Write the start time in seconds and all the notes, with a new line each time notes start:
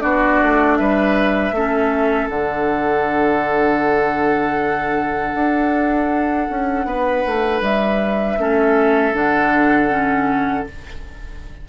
0.00 B3 D4 F#4 D5
0.42 A3
0.76 G3 B4 E5
1.52 A3 C#4 A4
2.29 D3 D4 F#5
5.35 D4
6.50 C#4
6.85 B3 B4
7.26 A3
7.61 G3 E5
8.38 A3 C#4 A4
9.13 D3 D4 F#5
9.90 C#4